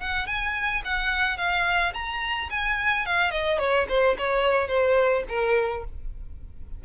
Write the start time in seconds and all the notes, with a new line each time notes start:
0.00 F#5
0.26 G#5
0.85 F#5
1.37 F5
1.94 A#5
2.50 G#5
3.06 F5
3.31 D#5
3.59 C#5
3.89 C5
4.18 C#5
4.68 C5
5.29 A#4